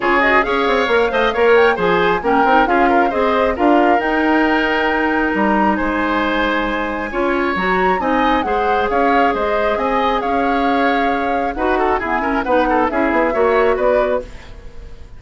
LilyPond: <<
  \new Staff \with { instrumentName = "flute" } { \time 4/4 \tempo 4 = 135 cis''8 dis''8 f''2~ f''8 g''8 | gis''4 g''4 f''4 dis''4 | f''4 g''2. | ais''4 gis''2.~ |
gis''4 ais''4 gis''4 fis''4 | f''4 dis''4 gis''4 f''4~ | f''2 fis''4 gis''4 | fis''4 e''2 d''4 | }
  \new Staff \with { instrumentName = "oboe" } { \time 4/4 gis'4 cis''4. dis''8 cis''4 | c''4 ais'4 gis'8 ais'8 c''4 | ais'1~ | ais'4 c''2. |
cis''2 dis''4 c''4 | cis''4 c''4 dis''4 cis''4~ | cis''2 b'8 a'8 gis'8 ais'8 | b'8 a'8 gis'4 cis''4 b'4 | }
  \new Staff \with { instrumentName = "clarinet" } { \time 4/4 f'8 fis'8 gis'4 ais'8 c''8 ais'4 | gis'4 cis'8 dis'8 f'4 gis'4 | f'4 dis'2.~ | dis'1 |
f'4 fis'4 dis'4 gis'4~ | gis'1~ | gis'2 fis'4 b8 cis'8 | dis'4 e'4 fis'2 | }
  \new Staff \with { instrumentName = "bassoon" } { \time 4/4 cis4 cis'8 c'8 ais8 a8 ais4 | f4 ais8 c'8 cis'4 c'4 | d'4 dis'2. | g4 gis2. |
cis'4 fis4 c'4 gis4 | cis'4 gis4 c'4 cis'4~ | cis'2 dis'4 e'4 | b4 cis'8 b8 ais4 b4 | }
>>